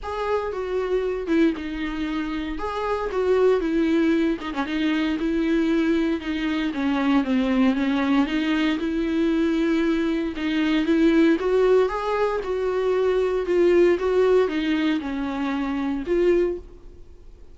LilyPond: \new Staff \with { instrumentName = "viola" } { \time 4/4 \tempo 4 = 116 gis'4 fis'4. e'8 dis'4~ | dis'4 gis'4 fis'4 e'4~ | e'8 dis'16 cis'16 dis'4 e'2 | dis'4 cis'4 c'4 cis'4 |
dis'4 e'2. | dis'4 e'4 fis'4 gis'4 | fis'2 f'4 fis'4 | dis'4 cis'2 f'4 | }